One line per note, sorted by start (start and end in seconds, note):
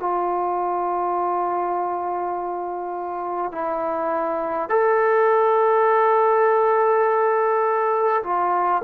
0.00 3.52 F4
3.52 4.70 E4
4.70 8.22 A4
8.24 8.82 F4